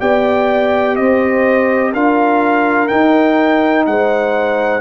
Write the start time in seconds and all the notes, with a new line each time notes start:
0.00 B3 G4 D5 G5
0.96 C4 C5 D#5
1.92 D4 F4 A#4 F5
2.88 D#4 G5
3.86 G#3 C5 F#5